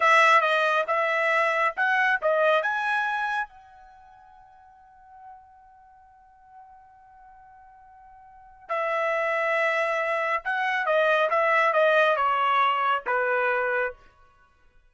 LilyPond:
\new Staff \with { instrumentName = "trumpet" } { \time 4/4 \tempo 4 = 138 e''4 dis''4 e''2 | fis''4 dis''4 gis''2 | fis''1~ | fis''1~ |
fis''1 | e''1 | fis''4 dis''4 e''4 dis''4 | cis''2 b'2 | }